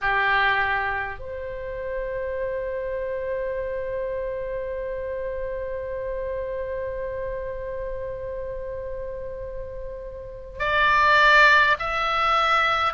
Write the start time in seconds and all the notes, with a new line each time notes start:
0.01 G4
1.19 C5
10.59 D5
11.79 E5